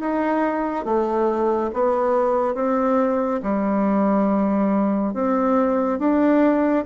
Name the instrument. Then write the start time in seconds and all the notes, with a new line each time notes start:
bassoon
0.00 D#4
0.85 A3
1.73 B3
2.55 C4
3.43 G3
5.14 C4
5.99 D4